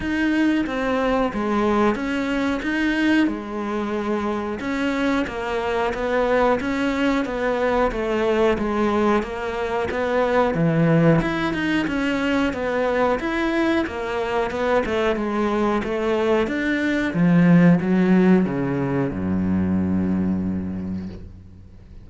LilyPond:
\new Staff \with { instrumentName = "cello" } { \time 4/4 \tempo 4 = 91 dis'4 c'4 gis4 cis'4 | dis'4 gis2 cis'4 | ais4 b4 cis'4 b4 | a4 gis4 ais4 b4 |
e4 e'8 dis'8 cis'4 b4 | e'4 ais4 b8 a8 gis4 | a4 d'4 f4 fis4 | cis4 fis,2. | }